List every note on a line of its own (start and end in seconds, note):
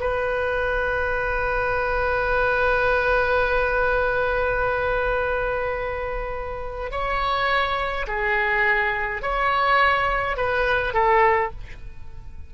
0.00 6.91 B4
6.91 8.07 C#5
8.07 9.22 G#4
9.22 10.37 C#5
10.37 10.94 B4
10.94 11.51 A4